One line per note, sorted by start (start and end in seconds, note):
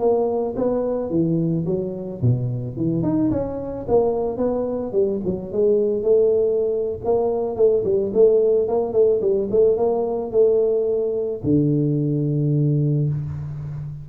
0.00 0.55 A#3
0.56 1.10 B3
1.10 1.65 E3
1.66 2.21 F#3
2.22 2.77 B2
2.77 3.03 E3
3.03 3.31 D#4
3.31 3.86 C#4
3.88 4.37 A#3
4.37 4.92 B3
4.93 5.20 G3
5.25 5.52 F#3
5.52 6.03 G#3
6.03 7.00 A3
7.05 7.56 A#3
7.56 7.84 A3
7.85 8.12 G3
8.14 8.68 A3
8.68 8.93 A#3
8.93 9.21 A3
9.21 9.49 G3
9.51 9.77 A3
9.77 10.31 A#3
10.31 11.41 A3
11.44 13.09 D3